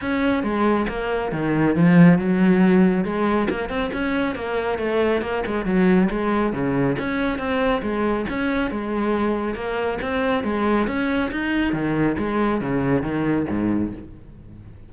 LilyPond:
\new Staff \with { instrumentName = "cello" } { \time 4/4 \tempo 4 = 138 cis'4 gis4 ais4 dis4 | f4 fis2 gis4 | ais8 c'8 cis'4 ais4 a4 | ais8 gis8 fis4 gis4 cis4 |
cis'4 c'4 gis4 cis'4 | gis2 ais4 c'4 | gis4 cis'4 dis'4 dis4 | gis4 cis4 dis4 gis,4 | }